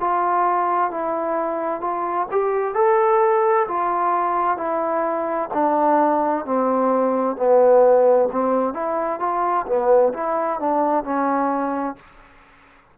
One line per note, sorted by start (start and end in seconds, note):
0.00 0.90 F4
0.90 1.80 E4
1.80 2.27 F4
2.31 2.74 G4
2.74 3.67 A4
3.68 4.57 F4
4.57 5.49 E4
5.53 6.45 D4
6.45 7.36 C4
7.36 8.29 B3
8.31 8.73 C4
8.73 9.19 E4
9.19 9.65 F4
9.66 10.12 B3
10.13 10.59 E4
10.59 11.03 D4
11.03 11.96 C#4